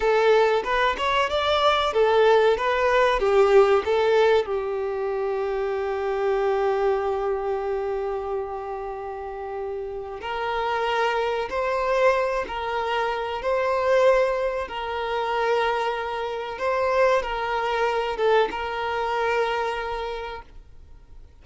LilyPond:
\new Staff \with { instrumentName = "violin" } { \time 4/4 \tempo 4 = 94 a'4 b'8 cis''8 d''4 a'4 | b'4 g'4 a'4 g'4~ | g'1~ | g'1 |
ais'2 c''4. ais'8~ | ais'4 c''2 ais'4~ | ais'2 c''4 ais'4~ | ais'8 a'8 ais'2. | }